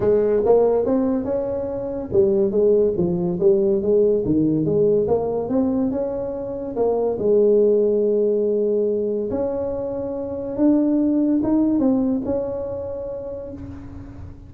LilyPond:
\new Staff \with { instrumentName = "tuba" } { \time 4/4 \tempo 4 = 142 gis4 ais4 c'4 cis'4~ | cis'4 g4 gis4 f4 | g4 gis4 dis4 gis4 | ais4 c'4 cis'2 |
ais4 gis2.~ | gis2 cis'2~ | cis'4 d'2 dis'4 | c'4 cis'2. | }